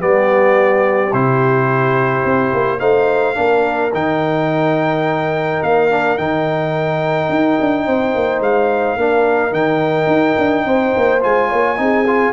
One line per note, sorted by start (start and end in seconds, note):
0.00 1.13 G3
0.00 1.12 B3
0.00 2.80 G4
0.00 1.14 D5
1.13 2.25 C3
1.13 2.80 E4
1.13 2.80 C5
2.25 2.53 C4
2.54 2.81 A#3
2.80 3.37 A3
2.80 3.35 D#4
2.80 3.36 C5
2.80 3.92 F5
3.35 3.93 A#3
3.35 3.91 D4
3.35 7.86 A#4
3.93 5.62 D#3
3.93 5.90 D#4
3.93 5.63 G5
5.63 6.18 A#3
5.63 6.18 F5
5.90 6.18 D4
6.18 7.30 D#3
6.18 8.99 D#4
6.18 8.42 G5
7.30 7.58 D#4
7.61 7.87 D4
7.86 8.15 C4
7.86 8.98 C5
8.15 8.41 A#3
8.41 8.96 G#3
8.41 9.54 F5
8.96 9.52 A#3
8.96 9.52 D4
8.96 10.66 A#4
9.52 10.07 D#3
9.52 11.20 D#4
9.52 11.22 G5
10.07 10.35 D#4
10.38 10.65 D4
10.65 10.93 C4
10.65 11.49 C5
10.97 11.24 A#3
11.21 11.52 G#3
11.21 11.77 F4
11.21 12.34 G#5
11.49 11.79 A#3
11.49 11.77 C#5
11.77 12.34 C4
11.77 12.05 D#4
11.77 12.34 G#4
12.07 12.34 F4